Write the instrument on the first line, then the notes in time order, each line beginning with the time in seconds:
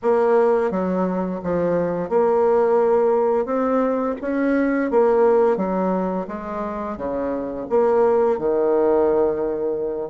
bassoon
0.02 A#3
0.70 F#3
1.43 F3
2.09 A#3
3.45 C4
4.21 C#4
4.90 A#3
5.57 F#3
6.27 G#3
6.97 C#3
7.69 A#3
8.38 D#3